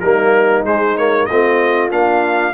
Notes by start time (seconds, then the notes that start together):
0.00 G3 A#3 D#4 A#4
0.63 G#3 C5
0.97 A#3 C#5
1.26 A3 C4 F4 D#5
1.90 A#3 D4 F5